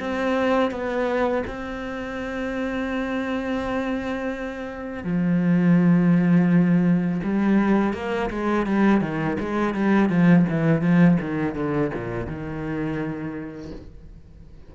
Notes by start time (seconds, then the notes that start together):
0.00 C4
0.71 B3
1.47 C4
5.04 F3
7.24 G3
7.94 A#3
8.31 G#3
8.66 G3
9.01 D#3
9.40 G#3
9.74 G3
10.09 F3
10.50 E3
10.81 F3
11.21 D#3
11.55 D3
11.94 A#2
12.27 D#3